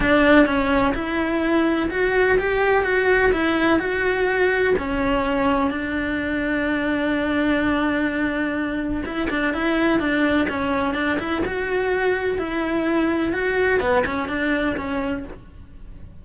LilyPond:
\new Staff \with { instrumentName = "cello" } { \time 4/4 \tempo 4 = 126 d'4 cis'4 e'2 | fis'4 g'4 fis'4 e'4 | fis'2 cis'2 | d'1~ |
d'2. e'8 d'8 | e'4 d'4 cis'4 d'8 e'8 | fis'2 e'2 | fis'4 b8 cis'8 d'4 cis'4 | }